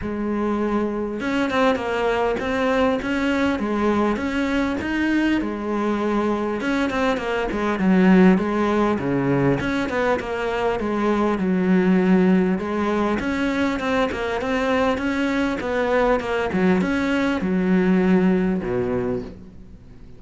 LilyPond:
\new Staff \with { instrumentName = "cello" } { \time 4/4 \tempo 4 = 100 gis2 cis'8 c'8 ais4 | c'4 cis'4 gis4 cis'4 | dis'4 gis2 cis'8 c'8 | ais8 gis8 fis4 gis4 cis4 |
cis'8 b8 ais4 gis4 fis4~ | fis4 gis4 cis'4 c'8 ais8 | c'4 cis'4 b4 ais8 fis8 | cis'4 fis2 b,4 | }